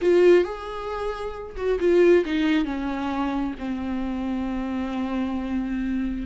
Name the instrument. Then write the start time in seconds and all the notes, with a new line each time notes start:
viola
0.01 F4
0.44 G#4
1.56 F#4
1.79 F4
2.25 D#4
2.65 C#4
3.58 C4